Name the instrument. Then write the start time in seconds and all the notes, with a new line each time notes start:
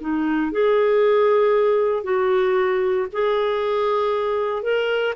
clarinet
0.00 D#4
0.51 G#4
2.03 F#4
3.12 G#4
4.62 A#4